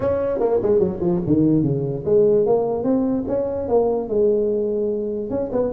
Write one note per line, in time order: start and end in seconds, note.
0.00 0.39 C#4
0.39 0.60 A#3
0.62 0.79 G#3
0.79 0.99 F#3
1.00 1.20 F3
1.26 1.63 D#3
1.63 2.03 C#3
2.05 2.45 G#3
2.45 2.83 A#3
2.83 3.24 C4
3.27 3.68 C#4
3.68 4.08 A#3
4.08 5.29 G#3
5.29 5.50 C#4
5.52 5.72 B3